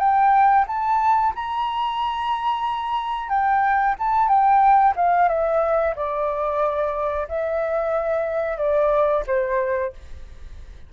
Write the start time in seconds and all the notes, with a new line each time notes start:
0.00 G5
0.68 A5
1.36 A#5
3.30 G5
3.99 A5
4.29 G5
4.97 F5
5.29 E5
5.96 D5
7.29 E5
8.58 D5
9.28 C5